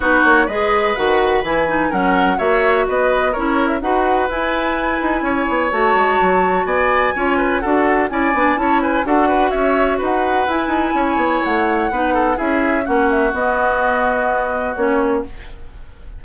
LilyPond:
<<
  \new Staff \with { instrumentName = "flute" } { \time 4/4 \tempo 4 = 126 b'8 cis''8 dis''4 fis''4 gis''4 | fis''4 e''4 dis''4 cis''8. e''16 | fis''4 gis''2. | a''2 gis''2 |
fis''4 gis''4 a''8 gis''8 fis''4 | e''4 fis''4 gis''2 | fis''2 e''4 fis''8 e''8 | dis''2. cis''4 | }
  \new Staff \with { instrumentName = "oboe" } { \time 4/4 fis'4 b'2. | ais'4 cis''4 b'4 ais'4 | b'2. cis''4~ | cis''2 d''4 cis''8 b'8 |
a'4 d''4 cis''8 b'8 a'8 b'8 | cis''4 b'2 cis''4~ | cis''4 b'8 a'8 gis'4 fis'4~ | fis'1 | }
  \new Staff \with { instrumentName = "clarinet" } { \time 4/4 dis'4 gis'4 fis'4 e'8 dis'8 | cis'4 fis'2 e'4 | fis'4 e'2. | fis'2. f'4 |
fis'4 e'8 d'8 e'4 fis'4~ | fis'2 e'2~ | e'4 dis'4 e'4 cis'4 | b2. cis'4 | }
  \new Staff \with { instrumentName = "bassoon" } { \time 4/4 b8 ais8 gis4 dis4 e4 | fis4 ais4 b4 cis'4 | dis'4 e'4. dis'8 cis'8 b8 | a8 gis8 fis4 b4 cis'4 |
d'4 cis'8 b8 cis'4 d'4 | cis'4 dis'4 e'8 dis'8 cis'8 b8 | a4 b4 cis'4 ais4 | b2. ais4 | }
>>